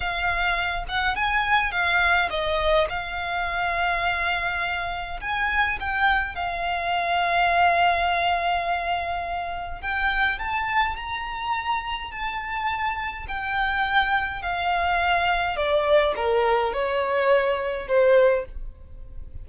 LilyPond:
\new Staff \with { instrumentName = "violin" } { \time 4/4 \tempo 4 = 104 f''4. fis''8 gis''4 f''4 | dis''4 f''2.~ | f''4 gis''4 g''4 f''4~ | f''1~ |
f''4 g''4 a''4 ais''4~ | ais''4 a''2 g''4~ | g''4 f''2 d''4 | ais'4 cis''2 c''4 | }